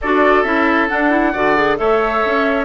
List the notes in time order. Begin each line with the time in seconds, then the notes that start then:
0.01 D4 F#4 A4 D5
0.43 C#4 E4 E5
0.88 D4 F#5
1.10 E4
1.32 D3 F#4 D5
1.56 G#4
1.77 A3 A4 C#5 E5
2.25 C#4